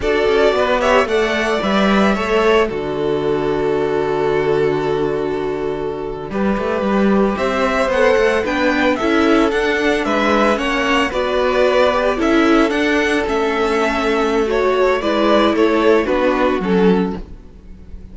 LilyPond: <<
  \new Staff \with { instrumentName = "violin" } { \time 4/4 \tempo 4 = 112 d''4. e''8 fis''4 e''4~ | e''4 d''2.~ | d''1~ | d''4.~ d''16 e''4 fis''4 g''16~ |
g''8. e''4 fis''4 e''4 fis''16~ | fis''8. d''2 e''4 fis''16~ | fis''8. e''2~ e''16 cis''4 | d''4 cis''4 b'4 a'4 | }
  \new Staff \with { instrumentName = "violin" } { \time 4/4 a'4 b'8 cis''8 d''2 | cis''4 a'2.~ | a'2.~ a'8. b'16~ | b'4.~ b'16 c''2 b'16~ |
b'8. a'2 b'4 cis''16~ | cis''8. b'2 a'4~ a'16~ | a'1 | b'4 a'4 fis'2 | }
  \new Staff \with { instrumentName = "viola" } { \time 4/4 fis'4. g'8 a'4 b'4 | a'4 fis'2.~ | fis'2.~ fis'8. g'16~ | g'2~ g'8. a'4 d'16~ |
d'8. e'4 d'2 cis'16~ | cis'8. fis'4. g'8 e'4 d'16~ | d'8. cis'2~ cis'16 fis'4 | e'2 d'4 cis'4 | }
  \new Staff \with { instrumentName = "cello" } { \time 4/4 d'8 cis'8 b4 a4 g4 | a4 d2.~ | d2.~ d8. g16~ | g16 a8 g4 c'4 b8 a8 b16~ |
b8. cis'4 d'4 gis4 ais16~ | ais8. b2 cis'4 d'16~ | d'8. a2.~ a16 | gis4 a4 b4 fis4 | }
>>